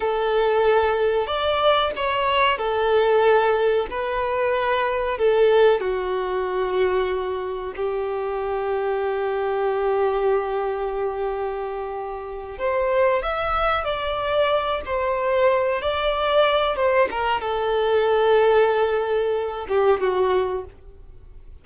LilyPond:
\new Staff \with { instrumentName = "violin" } { \time 4/4 \tempo 4 = 93 a'2 d''4 cis''4 | a'2 b'2 | a'4 fis'2. | g'1~ |
g'2.~ g'8 c''8~ | c''8 e''4 d''4. c''4~ | c''8 d''4. c''8 ais'8 a'4~ | a'2~ a'8 g'8 fis'4 | }